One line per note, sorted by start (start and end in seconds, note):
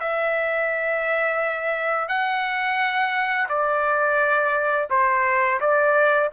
0.00 2.08 E5
2.08 3.48 F#5
3.49 4.88 D5
4.90 5.60 C5
5.60 6.30 D5